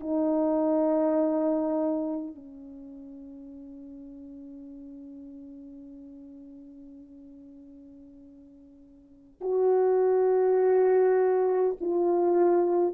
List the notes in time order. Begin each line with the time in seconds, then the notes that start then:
0.00 D#4
2.35 C#4
9.41 F#4
11.80 F4